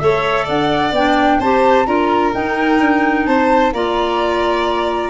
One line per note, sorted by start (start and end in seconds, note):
0.00 0.49 A3
0.00 0.93 A4
0.00 0.45 C#5
0.00 0.47 E5
0.45 0.92 D4
0.45 1.38 D5
0.45 0.95 F#5
0.92 1.39 B3
0.92 1.43 D4
0.92 1.41 G5
1.40 1.86 C4
1.40 1.86 G4
1.40 1.87 C5
1.40 1.87 A5
1.86 2.34 D4
1.86 2.33 F4
1.86 3.27 A#4
1.86 2.33 A#5
2.34 3.74 D#4
2.34 2.81 D#4
2.34 3.26 G5
2.81 3.27 D4
3.26 3.73 C4
3.26 3.73 C5
3.26 3.73 A5
3.73 5.10 A#3
3.73 5.10 F4
3.73 5.10 D5
3.73 5.10 A#5